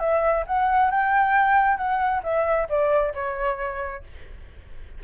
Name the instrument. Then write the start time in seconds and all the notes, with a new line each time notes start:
flute
0.00 E5
0.47 F#5
0.91 G5
1.77 F#5
2.23 E5
2.69 D5
3.14 C#5